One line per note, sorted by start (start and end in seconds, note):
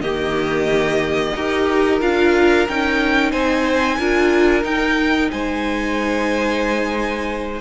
0.00 1.32 D#3
0.00 1.34 A#3
0.00 1.34 G4
0.00 1.99 D#5
1.35 2.01 D#4
1.35 2.00 G4
1.35 3.31 A#4
2.00 2.67 D4
2.00 2.66 F4
2.00 2.68 F5
2.68 3.32 C#4
2.68 3.99 D#4
2.68 3.31 G5
3.31 3.98 C4
3.31 3.97 C5
3.31 4.63 G#5
3.98 4.63 D4
3.98 4.62 F4
3.98 5.30 A#4
4.62 7.59 D#4
4.62 5.29 D#4
4.62 5.30 G5
5.31 7.60 G#3
5.31 7.60 C5
5.31 7.60 G#5